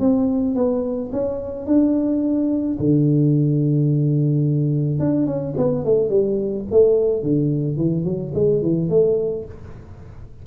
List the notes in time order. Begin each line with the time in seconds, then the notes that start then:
0.00 C4
0.55 B3
1.12 C#4
1.66 D4
2.79 D3
4.99 D4
5.26 C#4
5.57 B3
5.85 A3
6.09 G3
6.71 A3
7.23 D3
7.77 E3
8.04 F#3
8.34 G#3
8.62 E3
8.89 A3